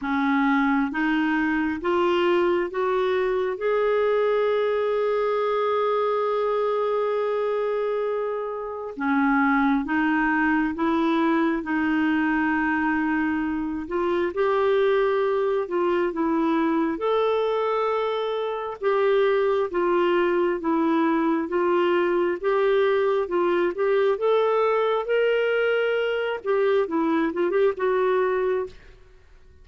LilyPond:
\new Staff \with { instrumentName = "clarinet" } { \time 4/4 \tempo 4 = 67 cis'4 dis'4 f'4 fis'4 | gis'1~ | gis'2 cis'4 dis'4 | e'4 dis'2~ dis'8 f'8 |
g'4. f'8 e'4 a'4~ | a'4 g'4 f'4 e'4 | f'4 g'4 f'8 g'8 a'4 | ais'4. g'8 e'8 f'16 g'16 fis'4 | }